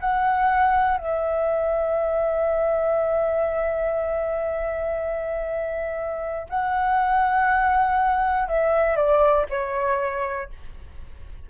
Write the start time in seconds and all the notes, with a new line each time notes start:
0.00 F#5
0.97 E5
6.50 F#5
8.48 E5
8.96 D5
9.50 C#5